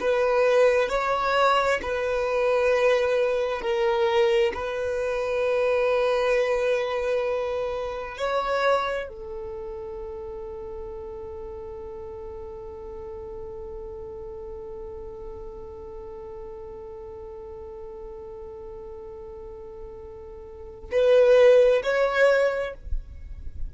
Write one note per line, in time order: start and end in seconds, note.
0.00 0.89 B4
0.89 1.80 C#5
1.82 3.61 B4
3.61 4.52 A#4
4.54 8.17 B4
8.17 9.08 C#5
9.08 20.90 A4
20.91 21.82 B4
21.83 22.74 C#5